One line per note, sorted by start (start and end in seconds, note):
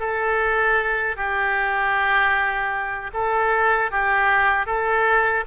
0.00 1.17 A4
1.17 3.11 G4
3.13 3.91 A4
3.91 4.66 G4
4.66 5.44 A4